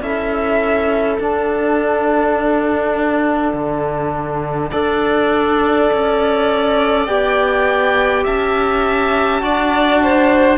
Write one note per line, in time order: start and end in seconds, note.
0.00 1.18 C#4
0.00 1.19 E4
0.00 4.70 A4
0.00 1.18 E5
1.18 3.53 D4
1.18 4.72 D4
1.18 7.06 F#5
3.53 4.71 D3
4.70 5.91 D4
4.70 7.07 A4
4.70 8.23 D5
5.92 7.07 C#4
7.06 8.25 B3
7.06 9.41 G4
7.06 8.24 G5
8.24 9.42 C#4
8.24 9.41 E5
8.24 10.58 A5
9.41 10.58 D4
9.41 10.58 F#4
9.41 10.02 D5
10.03 10.58 C5